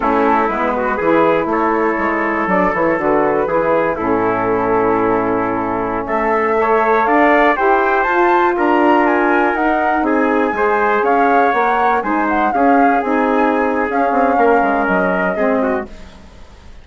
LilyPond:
<<
  \new Staff \with { instrumentName = "flute" } { \time 4/4 \tempo 4 = 121 a'4 b'2 cis''4~ | cis''4 d''8 cis''8 b'2 | a'1~ | a'16 e''2 f''4 g''8.~ |
g''16 a''4 ais''4 gis''4 fis''8.~ | fis''16 gis''2 f''4 fis''8.~ | fis''16 gis''8 fis''8 f''4 gis''4.~ gis''16 | f''2 dis''2 | }
  \new Staff \with { instrumentName = "trumpet" } { \time 4/4 e'4. fis'8 gis'4 a'4~ | a'2. gis'4 | e'1~ | e'16 a'4 cis''4 d''4 c''8.~ |
c''4~ c''16 ais'2~ ais'8.~ | ais'16 gis'4 c''4 cis''4.~ cis''16~ | cis''16 c''4 gis'2~ gis'8.~ | gis'4 ais'2 gis'8 fis'8 | }
  \new Staff \with { instrumentName = "saxophone" } { \time 4/4 cis'4 b4 e'2~ | e'4 d'8 e'8 fis'4 e'4 | cis'1~ | cis'4~ cis'16 a'2 g'8.~ |
g'16 f'2. dis'8.~ | dis'4~ dis'16 gis'2 ais'8.~ | ais'16 dis'4 cis'4 dis'4.~ dis'16 | cis'2. c'4 | }
  \new Staff \with { instrumentName = "bassoon" } { \time 4/4 a4 gis4 e4 a4 | gis4 fis8 e8 d4 e4 | a,1~ | a,16 a2 d'4 e'8.~ |
e'16 f'4 d'2 dis'8.~ | dis'16 c'4 gis4 cis'4 ais8.~ | ais16 gis4 cis'4 c'4.~ c'16 | cis'8 c'8 ais8 gis8 fis4 gis4 | }
>>